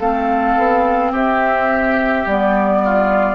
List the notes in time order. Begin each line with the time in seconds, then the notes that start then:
0.00 A3 C4 A4 F5
0.57 B3
1.12 C4 G4 E5
2.26 G3 B3 D5
2.85 F4